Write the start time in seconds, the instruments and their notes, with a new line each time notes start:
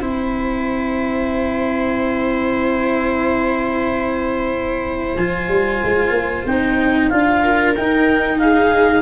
0.00 tuba C4, cello E4, viola C5, clarinet G5
5.16 tuba F3, cello F4, clarinet G#5
5.48 tuba G3
5.84 tuba G#3
6.10 tuba A#3
6.46 tuba C4, cello D#4, clarinet G5
7.09 tuba D4, cello F4, clarinet F5
7.42 viola A#4
7.75 cello D#4, tuba D#4, clarinet G5
8.39 viola G#4, clarinet F5